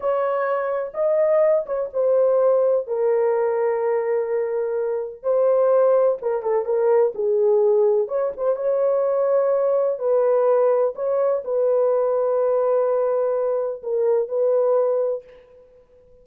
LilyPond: \new Staff \with { instrumentName = "horn" } { \time 4/4 \tempo 4 = 126 cis''2 dis''4. cis''8 | c''2 ais'2~ | ais'2. c''4~ | c''4 ais'8 a'8 ais'4 gis'4~ |
gis'4 cis''8 c''8 cis''2~ | cis''4 b'2 cis''4 | b'1~ | b'4 ais'4 b'2 | }